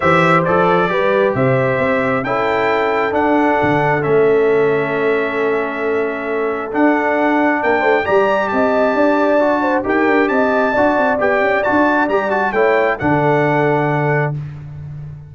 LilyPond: <<
  \new Staff \with { instrumentName = "trumpet" } { \time 4/4 \tempo 4 = 134 e''4 d''2 e''4~ | e''4 g''2 fis''4~ | fis''4 e''2.~ | e''2. fis''4~ |
fis''4 g''4 ais''4 a''4~ | a''2 g''4 a''4~ | a''4 g''4 a''4 ais''8 a''8 | g''4 fis''2. | }
  \new Staff \with { instrumentName = "horn" } { \time 4/4 c''2 b'4 c''4~ | c''4 a'2.~ | a'1~ | a'1~ |
a'4 ais'8 c''8 d''4 dis''4 | d''4. c''8 ais'4 dis''4 | d''1 | cis''4 a'2. | }
  \new Staff \with { instrumentName = "trombone" } { \time 4/4 g'4 a'4 g'2~ | g'4 e'2 d'4~ | d'4 cis'2.~ | cis'2. d'4~ |
d'2 g'2~ | g'4 fis'4 g'2 | fis'4 g'4 fis'4 g'8 fis'8 | e'4 d'2. | }
  \new Staff \with { instrumentName = "tuba" } { \time 4/4 e4 f4 g4 c4 | c'4 cis'2 d'4 | d4 a2.~ | a2. d'4~ |
d'4 ais8 a8 g4 c'4 | d'2 dis'8 d'8 c'4 | d'8 c'8 b8 cis'8 d'4 g4 | a4 d2. | }
>>